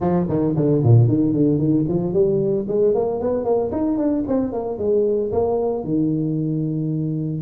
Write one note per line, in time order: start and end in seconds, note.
0.00 0.27 F3
0.28 0.55 D#3
0.56 0.82 D3
0.83 1.07 A#2
1.07 1.33 D#3
1.33 1.58 D3
1.58 1.84 D#3
1.88 2.13 F3
2.13 2.66 G3
2.67 2.94 G#3
2.94 3.20 A#3
3.20 3.44 B3
3.44 3.70 A#3
3.71 3.97 D#4
3.97 4.24 D4
4.27 4.52 C4
4.52 4.78 A#3
4.78 5.31 G#3
5.32 5.84 A#3
5.84 7.42 D#3